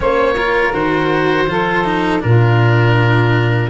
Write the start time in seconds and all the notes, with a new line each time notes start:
0.00 A#3 C#4 C5 C#5
0.34 F4 A#4
0.72 D#3 F#4 C5
1.47 F3 F4 A4
1.84 D#4
2.20 A#2 D4 F4 A#4